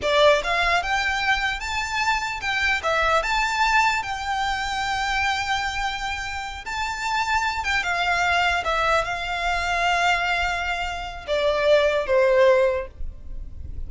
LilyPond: \new Staff \with { instrumentName = "violin" } { \time 4/4 \tempo 4 = 149 d''4 f''4 g''2 | a''2 g''4 e''4 | a''2 g''2~ | g''1~ |
g''8 a''2~ a''8 g''8 f''8~ | f''4. e''4 f''4.~ | f''1 | d''2 c''2 | }